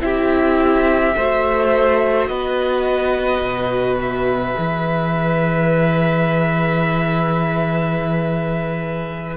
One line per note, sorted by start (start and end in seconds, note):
0.00 1.15 C4
0.00 1.13 E4
0.00 1.16 G4
0.00 2.27 E5
1.16 2.28 A3
1.16 4.54 F#4
1.16 2.29 C5
2.27 3.41 B3
2.27 9.37 B4
2.27 3.97 D#5
3.42 4.55 B2
4.01 9.37 E5
4.54 9.37 E3
4.54 9.35 G#4